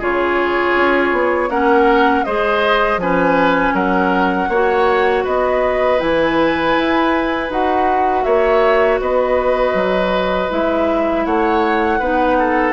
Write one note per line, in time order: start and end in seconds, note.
0.00 0.75 C#3
0.00 1.50 F4
0.00 1.50 G#4
0.00 1.50 C#5
0.76 1.12 C#4
1.12 1.49 B3
1.49 2.24 A#3
1.49 2.25 C#4
1.49 2.25 A#4
1.49 2.24 F#5
2.24 2.97 G#3
2.24 3.01 G#4
2.24 3.01 C5
2.24 2.99 D#5
2.97 3.72 F3
2.97 4.51 C#4
2.97 3.75 B4
2.97 3.75 G#5
3.73 4.48 F#3
3.73 4.50 A#4
3.73 5.25 F#5
4.49 5.24 A#3
4.49 5.99 F#4
4.49 5.24 C#5
5.24 6.01 B3
5.24 8.24 B4
5.24 6.00 D#5
5.99 6.76 E3
5.99 7.49 E4
5.99 7.50 G#5
6.77 7.50 E4
7.50 8.25 D#4
7.50 10.50 F#4
7.50 8.24 F#5
8.24 9.00 A#3
8.24 9.00 C#5
8.24 8.99 E5
9.00 9.74 B3
9.00 11.26 B4
9.00 10.51 D#5
9.74 10.49 F#3
10.50 11.26 G#3
10.50 12.00 E4
10.50 11.26 E5
11.26 12.00 A3
11.26 12.00 C#5
11.26 12.73 F#5
12.00 12.73 B3
12.00 12.73 D#4
12.00 12.37 B4
12.39 12.73 A4